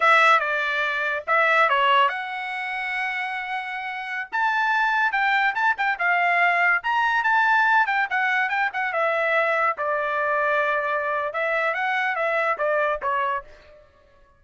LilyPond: \new Staff \with { instrumentName = "trumpet" } { \time 4/4 \tempo 4 = 143 e''4 d''2 e''4 | cis''4 fis''2.~ | fis''2~ fis''16 a''4.~ a''16~ | a''16 g''4 a''8 g''8 f''4.~ f''16~ |
f''16 ais''4 a''4. g''8 fis''8.~ | fis''16 g''8 fis''8 e''2 d''8.~ | d''2. e''4 | fis''4 e''4 d''4 cis''4 | }